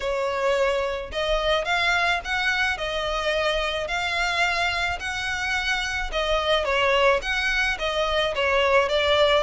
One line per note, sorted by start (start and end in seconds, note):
0.00 1.11 C#5
1.12 1.64 D#5
1.64 2.20 F5
2.24 2.77 F#5
2.77 3.87 D#5
3.87 4.98 F5
4.99 6.10 F#5
6.11 6.65 D#5
6.65 7.20 C#5
7.22 7.77 F#5
7.78 8.34 D#5
8.35 8.89 C#5
8.89 9.43 D5